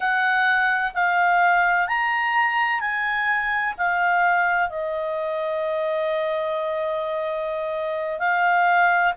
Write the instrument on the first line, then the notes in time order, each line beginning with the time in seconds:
clarinet
0.00 F#5
0.94 F5
1.87 A#5
2.80 G#5
3.78 F5
4.69 D#5
8.19 F5